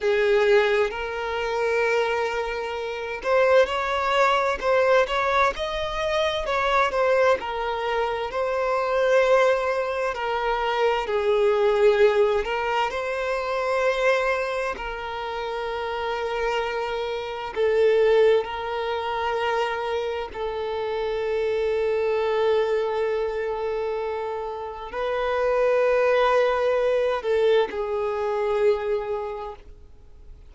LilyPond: \new Staff \with { instrumentName = "violin" } { \time 4/4 \tempo 4 = 65 gis'4 ais'2~ ais'8 c''8 | cis''4 c''8 cis''8 dis''4 cis''8 c''8 | ais'4 c''2 ais'4 | gis'4. ais'8 c''2 |
ais'2. a'4 | ais'2 a'2~ | a'2. b'4~ | b'4. a'8 gis'2 | }